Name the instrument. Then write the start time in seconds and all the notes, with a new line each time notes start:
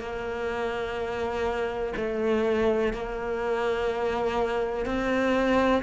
cello
0.00 A#3
1.97 A3
2.93 A#3
4.86 C4